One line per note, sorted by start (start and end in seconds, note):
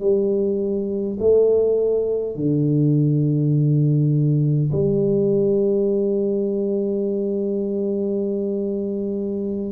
0.00 1.18 G3
1.20 2.36 A3
2.36 4.71 D3
4.72 9.72 G3